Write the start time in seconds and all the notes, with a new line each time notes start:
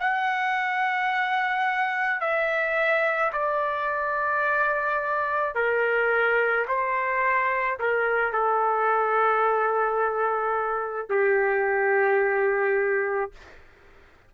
0.00 F#5
2.21 E5
3.33 D5
5.56 A#4
6.68 C5
7.80 A#4
8.33 A4
11.10 G4